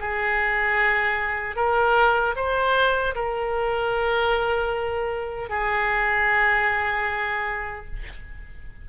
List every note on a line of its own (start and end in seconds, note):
0.00 1.56 G#4
1.56 2.35 A#4
2.36 3.15 C5
3.15 5.49 A#4
5.49 7.86 G#4